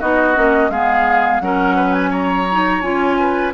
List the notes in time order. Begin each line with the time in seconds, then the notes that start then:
0.00 B3 D#4 F#4 D#5
0.35 A#3 C#4
0.70 G#3 B3 G#4 F5
1.40 F#3 C#4 A#4 F#5
1.76 B4
1.93 G#5
2.10 C#5 A#5
2.51 D#4
2.81 C#4 F4 G#5
3.19 B4